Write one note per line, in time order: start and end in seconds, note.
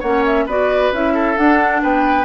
0.00 0.46 A#3
0.00 0.49 C#4
0.00 0.45 C#5
0.00 0.24 F#5
0.25 0.48 E5
0.46 0.91 B3
0.46 0.93 F#4
0.46 1.14 B4
0.46 0.93 D5
0.92 1.37 C#4
0.92 1.36 E4
0.92 1.37 E5
1.14 1.81 A4
1.36 2.25 D4
1.36 1.83 D4
1.36 1.82 F#5
1.83 2.25 B3
1.83 2.25 B4
1.83 2.25 G5